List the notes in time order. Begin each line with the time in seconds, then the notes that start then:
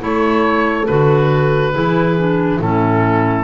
0.00 A3 E4 A4 C#5
0.87 D3 F#4 B4
1.73 E3 E4 G#4
2.19 D4
2.60 A2 C#4 E4 A4